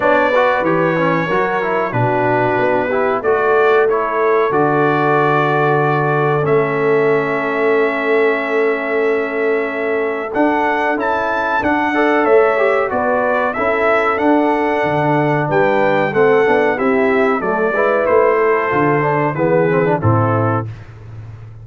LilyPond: <<
  \new Staff \with { instrumentName = "trumpet" } { \time 4/4 \tempo 4 = 93 d''4 cis''2 b'4~ | b'4 d''4 cis''4 d''4~ | d''2 e''2~ | e''1 |
fis''4 a''4 fis''4 e''4 | d''4 e''4 fis''2 | g''4 fis''4 e''4 d''4 | c''2 b'4 a'4 | }
  \new Staff \with { instrumentName = "horn" } { \time 4/4 cis''8 b'4. ais'4 fis'4~ | fis'8 g'8 a'2.~ | a'1~ | a'1~ |
a'2~ a'8 d''8 cis''4 | b'4 a'2. | b'4 a'4 g'4 a'8 b'8~ | b'8 a'4. gis'4 e'4 | }
  \new Staff \with { instrumentName = "trombone" } { \time 4/4 d'8 fis'8 g'8 cis'8 fis'8 e'8 d'4~ | d'8 e'8 fis'4 e'4 fis'4~ | fis'2 cis'2~ | cis'1 |
d'4 e'4 d'8 a'4 g'8 | fis'4 e'4 d'2~ | d'4 c'8 d'8 e'4 a8 e'8~ | e'4 f'8 d'8 b8 c'16 d'16 c'4 | }
  \new Staff \with { instrumentName = "tuba" } { \time 4/4 b4 e4 fis4 b,4 | b4 a2 d4~ | d2 a2~ | a1 |
d'4 cis'4 d'4 a4 | b4 cis'4 d'4 d4 | g4 a8 b8 c'4 fis8 gis8 | a4 d4 e4 a,4 | }
>>